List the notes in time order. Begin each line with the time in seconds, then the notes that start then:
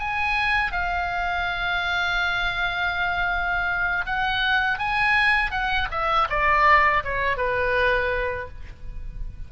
0.00 G#5
0.72 F5
4.06 F#5
4.79 G#5
5.52 F#5
5.91 E5
6.30 D5
7.04 C#5
7.37 B4